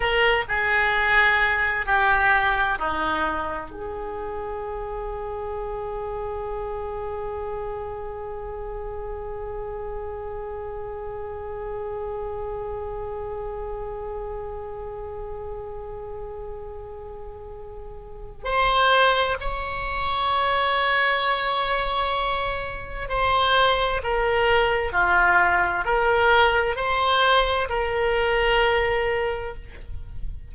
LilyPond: \new Staff \with { instrumentName = "oboe" } { \time 4/4 \tempo 4 = 65 ais'8 gis'4. g'4 dis'4 | gis'1~ | gis'1~ | gis'1~ |
gis'1 | c''4 cis''2.~ | cis''4 c''4 ais'4 f'4 | ais'4 c''4 ais'2 | }